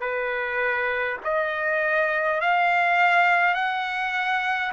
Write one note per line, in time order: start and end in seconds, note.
0.00 1.18 B4
1.24 2.41 D#5
2.41 3.54 F5
3.54 4.72 F#5